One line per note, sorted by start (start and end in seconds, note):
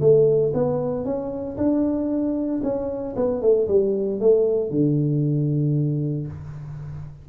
0.00 0.52 A3
0.53 1.05 B3
1.05 1.57 C#4
1.57 2.61 D4
2.63 3.15 C#4
3.16 3.41 B3
3.41 3.67 A3
3.68 4.20 G3
4.20 4.70 A3
4.70 6.27 D3